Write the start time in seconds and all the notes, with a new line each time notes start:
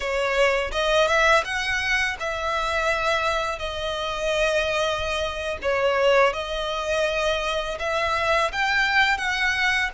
0.00 C#5
0.71 D#5
1.07 E5
1.44 F#5
2.19 E5
3.58 D#5
5.62 C#5
6.33 D#5
7.79 E5
8.52 G5
9.17 F#5